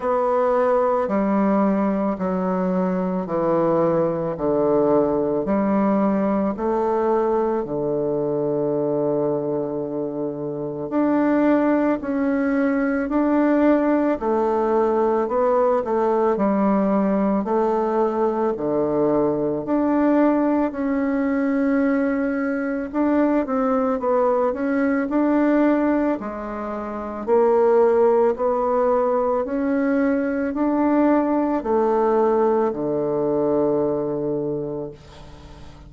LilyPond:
\new Staff \with { instrumentName = "bassoon" } { \time 4/4 \tempo 4 = 55 b4 g4 fis4 e4 | d4 g4 a4 d4~ | d2 d'4 cis'4 | d'4 a4 b8 a8 g4 |
a4 d4 d'4 cis'4~ | cis'4 d'8 c'8 b8 cis'8 d'4 | gis4 ais4 b4 cis'4 | d'4 a4 d2 | }